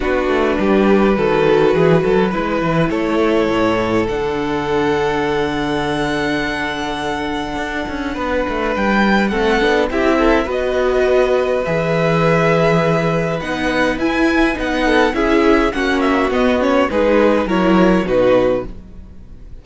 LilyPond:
<<
  \new Staff \with { instrumentName = "violin" } { \time 4/4 \tempo 4 = 103 b'1~ | b'4 cis''2 fis''4~ | fis''1~ | fis''2. g''4 |
fis''4 e''4 dis''2 | e''2. fis''4 | gis''4 fis''4 e''4 fis''8 e''8 | dis''8 cis''8 b'4 cis''4 b'4 | }
  \new Staff \with { instrumentName = "violin" } { \time 4/4 fis'4 g'4 a'4 gis'8 a'8 | b'4 a'2.~ | a'1~ | a'2 b'2 |
a'4 g'8 a'8 b'2~ | b'1~ | b'4. a'8 gis'4 fis'4~ | fis'4 gis'4 ais'4 fis'4 | }
  \new Staff \with { instrumentName = "viola" } { \time 4/4 d'2 fis'2 | e'2. d'4~ | d'1~ | d'1 |
c'8 d'8 e'4 fis'2 | gis'2. dis'4 | e'4 dis'4 e'4 cis'4 | b8 cis'8 dis'4 e'4 dis'4 | }
  \new Staff \with { instrumentName = "cello" } { \time 4/4 b8 a8 g4 dis4 e8 fis8 | gis8 e8 a4 a,4 d4~ | d1~ | d4 d'8 cis'8 b8 a8 g4 |
a8 b8 c'4 b2 | e2. b4 | e'4 b4 cis'4 ais4 | b4 gis4 fis4 b,4 | }
>>